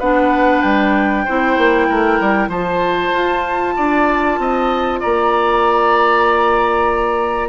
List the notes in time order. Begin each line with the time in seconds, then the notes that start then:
0.00 B3 D4 B4 F#5
0.62 G3 G5
1.25 C4 E4 C5
1.58 A#3
1.89 A3 A#4
2.21 G3
2.48 F3 F4 C5 A5
3.14 F4
3.77 D4 D5
4.39 C4 D#5
5.00 A#3 D5 A#5